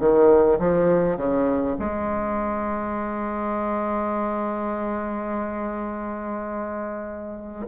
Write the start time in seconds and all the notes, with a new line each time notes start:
0.00 D#3
0.59 F3
1.17 C#3
1.79 G#3